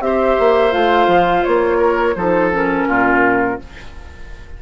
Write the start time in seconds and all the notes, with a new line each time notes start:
0.00 C4 G4 C5 E5
0.39 A#3
0.71 A3 F4 F5
1.07 F3
1.43 A#3 C#5
1.77 A#4
2.15 F3 D#4 A4 C5
2.51 C#4 A#4
2.87 A#2 F4